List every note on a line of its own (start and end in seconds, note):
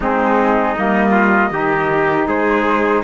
0.00 0.75 G#3
0.00 0.77 C4
0.00 1.10 D#4
0.00 0.74 G#4
0.74 1.50 G3
0.74 1.52 A#3
0.74 2.26 D#5
1.10 1.48 F4
1.50 2.26 D#3
1.50 3.03 D#4
1.50 2.27 G4
2.26 3.02 G#3
2.26 3.03 G#4
2.26 3.03 C5